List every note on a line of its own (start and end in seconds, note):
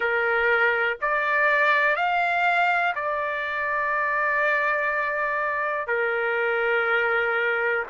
0.00 0.97 A#4
1.01 1.96 D5
1.96 2.94 F5
2.95 5.87 D5
5.87 7.83 A#4